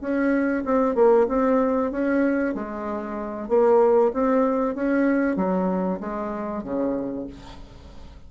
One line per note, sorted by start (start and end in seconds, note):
0.00 0.63 C#4
0.65 0.95 C4
0.95 1.26 A#3
1.28 1.91 C4
1.91 2.54 C#4
2.54 3.48 G#3
3.48 4.11 A#3
4.13 4.75 C4
4.75 5.36 C#4
5.36 5.99 F#3
6.00 6.63 G#3
6.63 7.26 C#3